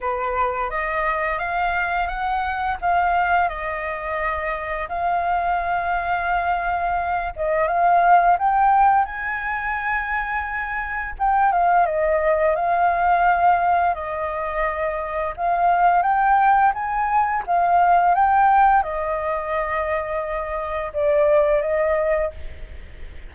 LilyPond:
\new Staff \with { instrumentName = "flute" } { \time 4/4 \tempo 4 = 86 b'4 dis''4 f''4 fis''4 | f''4 dis''2 f''4~ | f''2~ f''8 dis''8 f''4 | g''4 gis''2. |
g''8 f''8 dis''4 f''2 | dis''2 f''4 g''4 | gis''4 f''4 g''4 dis''4~ | dis''2 d''4 dis''4 | }